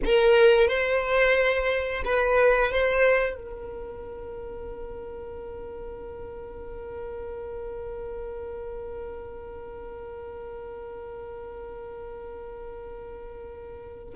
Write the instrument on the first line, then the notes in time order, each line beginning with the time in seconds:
violin
0.05 A#4
0.68 C5
2.04 B4
2.72 C5
3.35 A#4